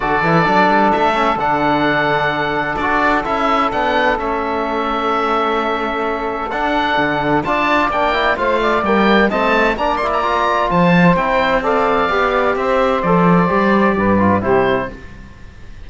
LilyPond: <<
  \new Staff \with { instrumentName = "oboe" } { \time 4/4 \tempo 4 = 129 d''2 e''4 fis''4~ | fis''2 d''4 e''4 | fis''4 e''2.~ | e''2 fis''2 |
a''4 g''4 f''4 g''4 | a''4 ais''8 c'''16 ais''4~ ais''16 a''4 | g''4 f''2 e''4 | d''2. c''4 | }
  \new Staff \with { instrumentName = "saxophone" } { \time 4/4 a'1~ | a'1~ | a'1~ | a'1 |
d''2 c''8 d''4. | dis''4 d''2 c''4~ | c''4 d''2 c''4~ | c''2 b'4 g'4 | }
  \new Staff \with { instrumentName = "trombone" } { \time 4/4 fis'8 e'8 d'4. cis'8 d'4~ | d'2 fis'4 e'4 | d'4 cis'2.~ | cis'2 d'2 |
f'4 d'8 e'8 f'4 ais4 | c'4 d'8 e'8 f'2 | e'4 a'4 g'2 | a'4 g'4. f'8 e'4 | }
  \new Staff \with { instrumentName = "cello" } { \time 4/4 d8 e8 fis8 g8 a4 d4~ | d2 d'4 cis'4 | b4 a2.~ | a2 d'4 d4 |
d'4 ais4 a4 g4 | a4 ais2 f4 | c'2 b4 c'4 | f4 g4 g,4 c4 | }
>>